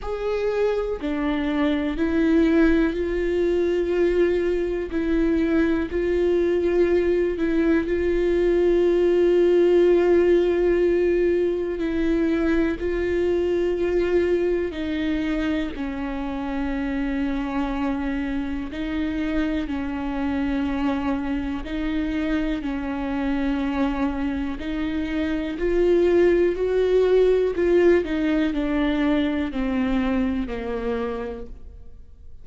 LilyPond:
\new Staff \with { instrumentName = "viola" } { \time 4/4 \tempo 4 = 61 gis'4 d'4 e'4 f'4~ | f'4 e'4 f'4. e'8 | f'1 | e'4 f'2 dis'4 |
cis'2. dis'4 | cis'2 dis'4 cis'4~ | cis'4 dis'4 f'4 fis'4 | f'8 dis'8 d'4 c'4 ais4 | }